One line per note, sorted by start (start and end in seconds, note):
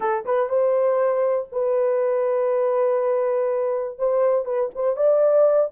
0.00 0.24 A4
0.25 0.49 B4
0.49 1.48 C5
1.51 3.98 B4
3.98 4.45 C5
4.45 4.69 B4
4.74 4.96 C5
4.96 5.70 D5